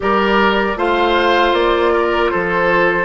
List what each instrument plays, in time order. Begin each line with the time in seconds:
0.00 bassoon G3, clarinet G4, oboe A#4, flute D5
0.76 bassoon A3, clarinet F4, oboe C5, flute F5
1.52 bassoon A#3, flute D5
1.92 oboe A#4
2.29 bassoon F3, oboe A4, flute C5